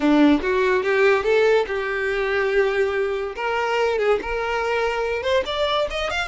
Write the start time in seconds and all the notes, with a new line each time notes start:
0.00 D4
0.42 F#4
0.83 G4
1.23 A4
1.67 G4
3.35 A#4
3.98 G#4
4.21 A#4
5.22 C5
5.45 D5
5.90 D#5
6.10 F5